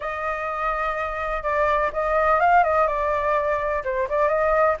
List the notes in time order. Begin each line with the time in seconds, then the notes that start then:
0.00 D#5
1.42 D5
1.92 D#5
2.40 F5
2.63 D#5
2.87 D5
3.84 C5
4.09 D5
4.28 D#5